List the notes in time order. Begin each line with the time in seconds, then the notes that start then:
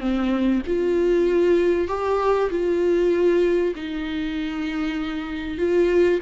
0.00 C4
0.67 F4
1.88 G4
2.50 F4
3.75 D#4
5.58 F4